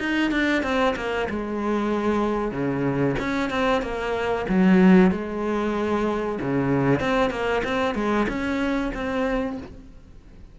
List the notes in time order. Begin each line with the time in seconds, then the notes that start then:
0.00 D#4
0.32 D4
0.63 C4
0.97 A#3
1.30 G#3
2.52 C#3
3.20 C#4
3.50 C4
3.82 A#3
4.49 F#3
5.12 G#3
6.41 C#3
7.00 C4
7.31 A#3
7.65 C4
7.95 G#3
8.29 C#4
8.94 C4